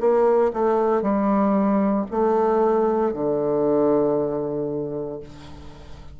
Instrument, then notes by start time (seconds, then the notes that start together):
bassoon
0.00 A#3
0.53 A3
1.02 G3
2.11 A3
3.13 D3